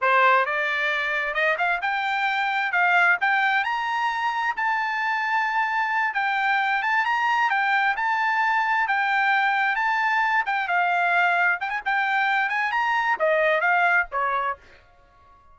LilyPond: \new Staff \with { instrumentName = "trumpet" } { \time 4/4 \tempo 4 = 132 c''4 d''2 dis''8 f''8 | g''2 f''4 g''4 | ais''2 a''2~ | a''4. g''4. a''8 ais''8~ |
ais''8 g''4 a''2 g''8~ | g''4. a''4. g''8 f''8~ | f''4. g''16 gis''16 g''4. gis''8 | ais''4 dis''4 f''4 cis''4 | }